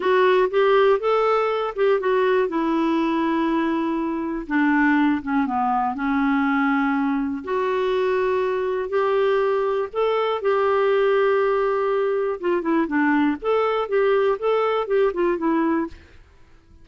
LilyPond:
\new Staff \with { instrumentName = "clarinet" } { \time 4/4 \tempo 4 = 121 fis'4 g'4 a'4. g'8 | fis'4 e'2.~ | e'4 d'4. cis'8 b4 | cis'2. fis'4~ |
fis'2 g'2 | a'4 g'2.~ | g'4 f'8 e'8 d'4 a'4 | g'4 a'4 g'8 f'8 e'4 | }